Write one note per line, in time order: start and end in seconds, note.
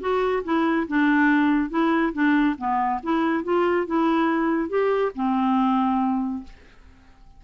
0.00 0.43 F#4
0.44 0.86 E4
0.87 1.69 D4
1.69 2.12 E4
2.13 2.56 D4
2.58 3.00 B3
3.03 3.44 E4
3.44 3.86 F4
3.86 4.69 E4
4.69 5.11 G4
5.15 6.43 C4